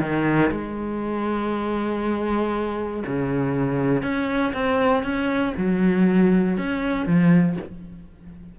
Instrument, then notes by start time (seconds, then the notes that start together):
cello
0.00 D#3
0.51 G#3
3.06 C#3
4.02 C#4
4.54 C4
5.03 C#4
5.57 F#3
6.57 C#4
7.06 F3